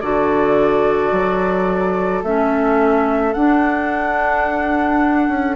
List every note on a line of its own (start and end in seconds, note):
0.00 1.11 D3
0.00 2.24 F#4
0.00 5.56 A4
0.00 2.22 D5
1.11 2.22 F#3
2.23 3.34 A3
2.23 3.34 C#4
2.23 3.33 E5
3.33 5.56 D4
3.33 5.28 D4
3.33 5.55 F#5
5.28 5.56 C#4